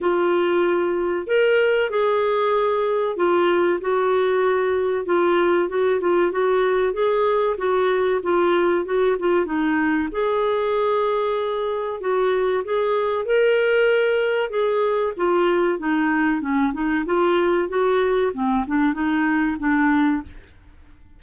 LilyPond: \new Staff \with { instrumentName = "clarinet" } { \time 4/4 \tempo 4 = 95 f'2 ais'4 gis'4~ | gis'4 f'4 fis'2 | f'4 fis'8 f'8 fis'4 gis'4 | fis'4 f'4 fis'8 f'8 dis'4 |
gis'2. fis'4 | gis'4 ais'2 gis'4 | f'4 dis'4 cis'8 dis'8 f'4 | fis'4 c'8 d'8 dis'4 d'4 | }